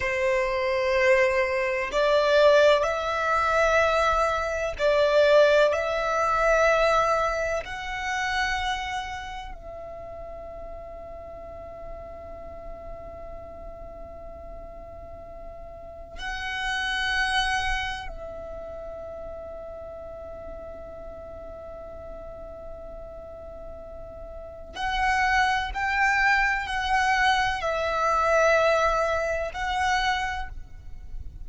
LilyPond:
\new Staff \with { instrumentName = "violin" } { \time 4/4 \tempo 4 = 63 c''2 d''4 e''4~ | e''4 d''4 e''2 | fis''2 e''2~ | e''1~ |
e''4 fis''2 e''4~ | e''1~ | e''2 fis''4 g''4 | fis''4 e''2 fis''4 | }